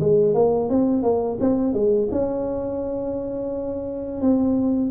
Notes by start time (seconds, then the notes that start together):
0.00 G#3
0.34 A#3
0.69 C4
1.02 A#3
1.40 C4
1.73 G#3
2.11 C#4
4.21 C4